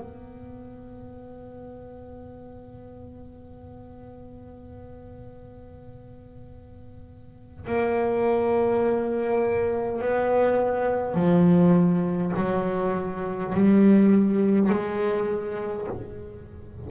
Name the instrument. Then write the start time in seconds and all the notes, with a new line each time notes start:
double bass
0.00 B3
7.67 A#3
10.01 B3
11.14 F3
12.36 F#3
13.55 G3
14.70 G#3